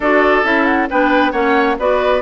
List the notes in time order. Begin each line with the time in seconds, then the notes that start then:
0.00 D4 F#4 A4 D5
0.43 C#4 E4 E5
0.65 F#5
0.90 B3 D4 B4 G5
1.31 A#3 C#4 C#5 F#5
1.78 B3 F#4 B4 D5